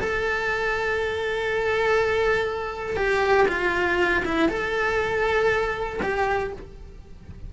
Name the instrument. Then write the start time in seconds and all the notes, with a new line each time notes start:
cello
0.00 A4
2.97 G4
3.48 F4
4.25 E4
4.49 A4
6.03 G4